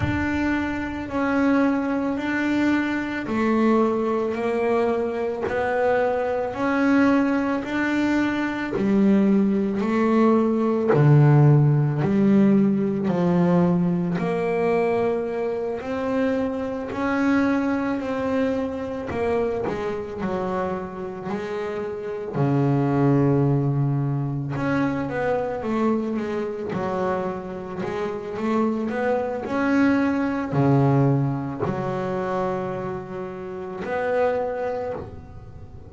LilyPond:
\new Staff \with { instrumentName = "double bass" } { \time 4/4 \tempo 4 = 55 d'4 cis'4 d'4 a4 | ais4 b4 cis'4 d'4 | g4 a4 d4 g4 | f4 ais4. c'4 cis'8~ |
cis'8 c'4 ais8 gis8 fis4 gis8~ | gis8 cis2 cis'8 b8 a8 | gis8 fis4 gis8 a8 b8 cis'4 | cis4 fis2 b4 | }